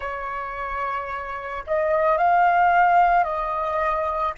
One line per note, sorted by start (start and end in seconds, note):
0.00 1.64 C#5
1.67 2.17 D#5
2.17 3.24 F5
3.24 4.33 D#5